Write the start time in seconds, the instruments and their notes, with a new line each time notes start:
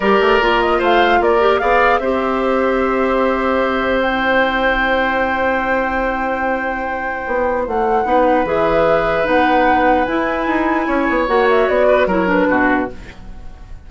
0.00 bassoon G3, clarinet G4, oboe A#4, flute D5
0.19 bassoon A3
0.40 bassoon A#3, clarinet F4
0.60 flute D#5
0.78 bassoon A3, oboe C5, flute F5
1.20 bassoon A#3, oboe A#4, flute D5
1.40 clarinet G4
1.58 bassoon B3, clarinet G#4, oboe D5, flute F5
1.98 bassoon C4, clarinet G4, oboe C5, flute E5
4.01 clarinet E4, flute G5
7.26 bassoon B3
7.66 bassoon A3, flute F#5
8.04 bassoon B3, clarinet D#4, oboe B4
8.44 bassoon E3, clarinet G#4, flute E5
9.24 bassoon B3, clarinet D#4, flute F#5
10.05 bassoon E4, clarinet E4, flute G#5
10.46 bassoon D#4
10.87 bassoon C#4, oboe C#5
11.09 bassoon B3
11.27 bassoon A#3, clarinet F#4, flute F#5
11.49 flute E5
11.68 bassoon B3, flute D5
11.87 oboe B4
12.06 bassoon F#3, clarinet E4, oboe A#4, flute C#5
12.26 clarinet D4, flute B4
12.49 bassoon B2, oboe F#4